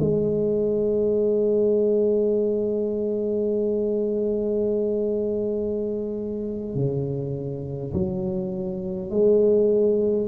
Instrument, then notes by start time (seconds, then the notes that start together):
tuba
0.00 G#3
6.75 C#3
7.93 F#3
9.10 G#3